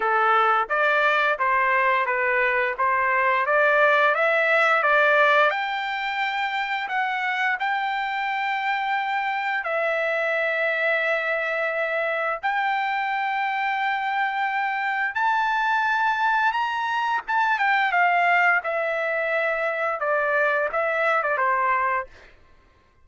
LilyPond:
\new Staff \with { instrumentName = "trumpet" } { \time 4/4 \tempo 4 = 87 a'4 d''4 c''4 b'4 | c''4 d''4 e''4 d''4 | g''2 fis''4 g''4~ | g''2 e''2~ |
e''2 g''2~ | g''2 a''2 | ais''4 a''8 g''8 f''4 e''4~ | e''4 d''4 e''8. d''16 c''4 | }